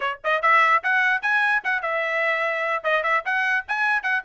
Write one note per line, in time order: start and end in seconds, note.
0.00 0.18 C#5
0.24 0.42 D#5
0.42 0.82 E5
0.83 1.22 F#5
1.22 1.62 G#5
1.64 1.82 F#5
1.82 2.83 E5
2.83 3.03 D#5
3.03 3.23 E5
3.25 3.65 F#5
3.68 4.02 G#5
4.02 4.23 F#5